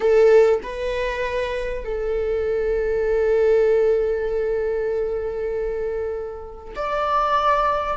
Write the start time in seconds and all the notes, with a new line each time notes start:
0.00 A4
0.62 B4
1.84 A4
6.75 D5